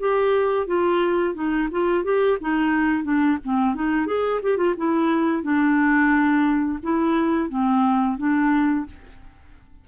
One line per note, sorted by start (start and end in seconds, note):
0.00 0.67 G4
0.67 1.35 F4
1.35 1.69 D#4
1.72 2.04 F4
2.04 2.38 G4
2.41 3.04 D#4
3.04 3.38 D4
3.45 3.75 C4
3.75 4.07 D#4
4.07 4.41 G#4
4.43 4.58 G4
4.58 4.75 F4
4.78 5.43 E4
5.43 6.79 D4
6.83 7.50 E4
7.50 8.18 C4
8.18 8.86 D4